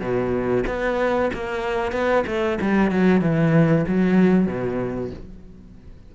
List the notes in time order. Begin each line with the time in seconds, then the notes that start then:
0.00 B2
0.67 B3
1.33 A#3
1.92 B3
2.26 A3
2.61 G3
2.91 F#3
3.21 E3
3.87 F#3
4.47 B2